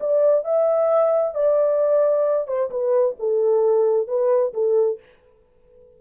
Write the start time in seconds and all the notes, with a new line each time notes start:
0.00 D5
0.44 E5
1.35 D5
2.48 C5
2.70 B4
3.19 A4
4.08 B4
4.54 A4